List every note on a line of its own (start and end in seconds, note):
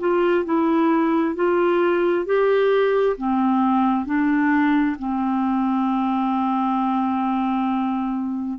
0.00 0.45 F4
0.45 1.36 E4
1.36 2.26 F4
2.26 3.17 G4
3.18 4.06 C4
4.06 4.97 D4
5.00 8.60 C4